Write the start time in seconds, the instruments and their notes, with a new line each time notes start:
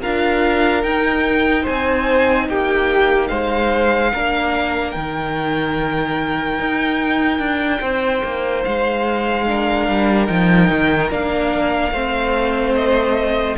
0.00 cello D4, viola F4, violin A#4 F5
0.82 viola D#4, cello D#4, violin G5
1.62 cello C4, violin C5 G#5
2.48 cello A#3, violin G4 G5
3.27 cello G#3, violin C5 F5
4.12 cello A#3, viola D4, violin A#4
4.91 cello D#3, viola D#4, violin G5
6.59 cello D#4
7.39 cello D4
7.80 cello C4, violin C5
8.23 cello A#3
8.64 cello G#3, violin F5
9.47 viola D4, violin A#4
9.88 cello G3
10.27 cello F3, viola D#4, violin G5
10.70 cello D#3
11.09 cello A#3, viola D4, violin F5
11.91 cello A3, viola C4, violin C5
12.74 violin D#5